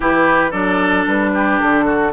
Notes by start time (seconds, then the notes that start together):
0.00 E3 E4 G4 B4
0.50 F#3 D4 A4 D5
1.07 G3 B4
1.34 G4
1.59 D3 A4
1.85 F#4